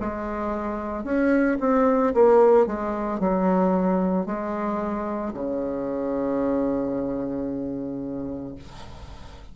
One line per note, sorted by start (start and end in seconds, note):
0.00 1.04 G#3
1.04 1.58 C#4
1.60 2.14 C4
2.14 2.66 A#3
2.66 3.20 G#3
3.20 4.27 F#3
4.27 5.34 G#3
5.34 8.55 C#3